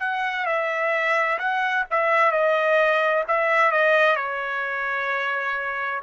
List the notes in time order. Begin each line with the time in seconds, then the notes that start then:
0.00 F#5
0.46 E5
1.38 F#5
1.91 E5
2.31 D#5
3.28 E5
3.71 D#5
4.16 C#5